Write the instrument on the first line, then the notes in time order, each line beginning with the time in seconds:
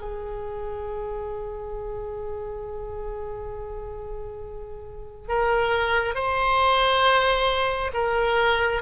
oboe
0.00 G#4
5.28 A#4
6.14 C5
7.93 A#4